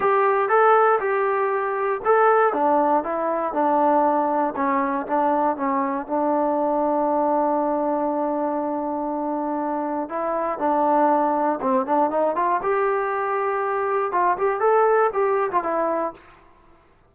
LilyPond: \new Staff \with { instrumentName = "trombone" } { \time 4/4 \tempo 4 = 119 g'4 a'4 g'2 | a'4 d'4 e'4 d'4~ | d'4 cis'4 d'4 cis'4 | d'1~ |
d'1 | e'4 d'2 c'8 d'8 | dis'8 f'8 g'2. | f'8 g'8 a'4 g'8. f'16 e'4 | }